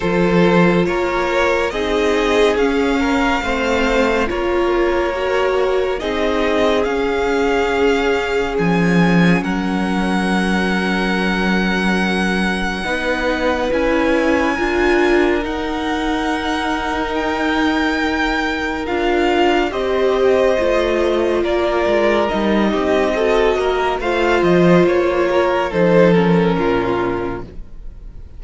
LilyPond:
<<
  \new Staff \with { instrumentName = "violin" } { \time 4/4 \tempo 4 = 70 c''4 cis''4 dis''4 f''4~ | f''4 cis''2 dis''4 | f''2 gis''4 fis''4~ | fis''1 |
gis''2 fis''2 | g''2 f''4 dis''4~ | dis''4 d''4 dis''2 | f''8 dis''8 cis''4 c''8 ais'4. | }
  \new Staff \with { instrumentName = "violin" } { \time 4/4 a'4 ais'4 gis'4. ais'8 | c''4 ais'2 gis'4~ | gis'2. ais'4~ | ais'2. b'4~ |
b'4 ais'2.~ | ais'2. c''4~ | c''4 ais'4. g'8 a'8 ais'8 | c''4. ais'8 a'4 f'4 | }
  \new Staff \with { instrumentName = "viola" } { \time 4/4 f'2 dis'4 cis'4 | c'4 f'4 fis'4 dis'4 | cis'1~ | cis'2. dis'4 |
e'4 f'4 dis'2~ | dis'2 f'4 g'4 | f'2 dis'4 fis'4 | f'2 dis'8 cis'4. | }
  \new Staff \with { instrumentName = "cello" } { \time 4/4 f4 ais4 c'4 cis'4 | a4 ais2 c'4 | cis'2 f4 fis4~ | fis2. b4 |
cis'4 d'4 dis'2~ | dis'2 d'4 c'4 | a4 ais8 gis8 g8 c'4 ais8 | a8 f8 ais4 f4 ais,4 | }
>>